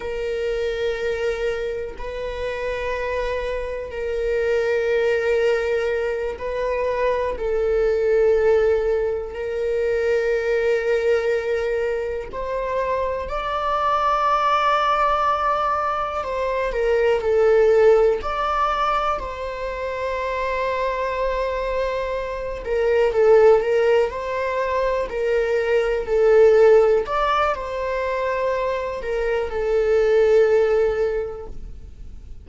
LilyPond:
\new Staff \with { instrumentName = "viola" } { \time 4/4 \tempo 4 = 61 ais'2 b'2 | ais'2~ ais'8 b'4 a'8~ | a'4. ais'2~ ais'8~ | ais'8 c''4 d''2~ d''8~ |
d''8 c''8 ais'8 a'4 d''4 c''8~ | c''2. ais'8 a'8 | ais'8 c''4 ais'4 a'4 d''8 | c''4. ais'8 a'2 | }